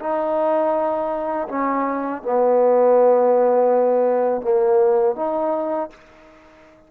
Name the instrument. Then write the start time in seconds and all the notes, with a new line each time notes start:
trombone
0.00 D#4
1.49 C#4
2.23 B3
4.42 A#3
5.16 D#4